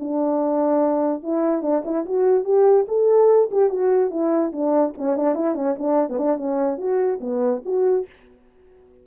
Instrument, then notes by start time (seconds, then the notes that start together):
horn
0.00 D4
1.23 E4
1.62 D4
1.85 E4
2.06 F#4
2.45 G4
2.88 A4
3.52 G4
3.70 F#4
4.11 E4
4.53 D4
4.98 C#4
5.16 D4
5.35 E4
5.55 C#4
5.79 D4
6.09 B3
6.18 D4
6.37 C#4
6.78 F#4
7.21 B3
7.66 F#4